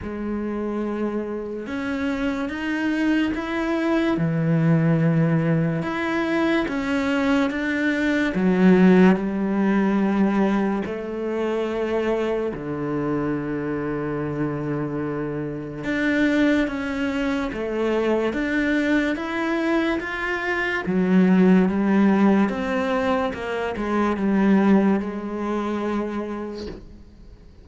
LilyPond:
\new Staff \with { instrumentName = "cello" } { \time 4/4 \tempo 4 = 72 gis2 cis'4 dis'4 | e'4 e2 e'4 | cis'4 d'4 fis4 g4~ | g4 a2 d4~ |
d2. d'4 | cis'4 a4 d'4 e'4 | f'4 fis4 g4 c'4 | ais8 gis8 g4 gis2 | }